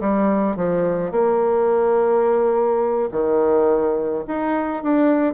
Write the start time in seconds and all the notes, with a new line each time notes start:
0.00 G3
0.56 F3
1.11 A#3
3.11 D#3
4.27 D#4
4.83 D4